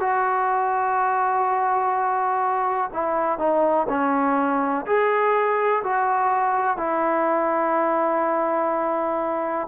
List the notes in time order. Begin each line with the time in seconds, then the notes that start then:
0.00 F#4
2.93 E4
3.38 D#4
3.89 C#4
4.86 G#4
5.83 F#4
6.77 E4